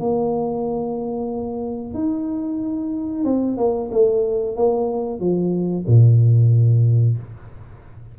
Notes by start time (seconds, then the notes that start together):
0.00 A#3
1.94 D#4
3.25 C4
3.58 A#3
3.92 A3
4.56 A#3
5.20 F3
5.88 A#2